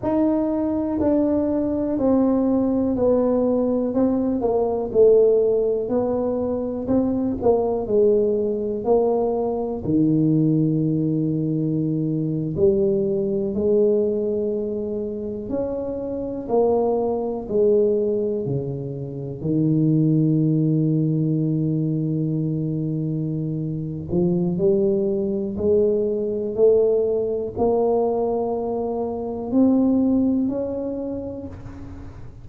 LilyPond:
\new Staff \with { instrumentName = "tuba" } { \time 4/4 \tempo 4 = 61 dis'4 d'4 c'4 b4 | c'8 ais8 a4 b4 c'8 ais8 | gis4 ais4 dis2~ | dis8. g4 gis2 cis'16~ |
cis'8. ais4 gis4 cis4 dis16~ | dis1~ | dis8 f8 g4 gis4 a4 | ais2 c'4 cis'4 | }